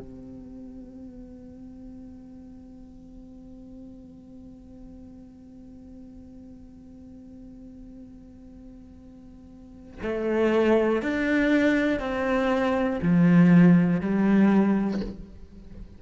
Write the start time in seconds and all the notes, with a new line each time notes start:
0.00 C4
10.03 A3
11.03 D4
12.00 C4
13.03 F3
14.01 G3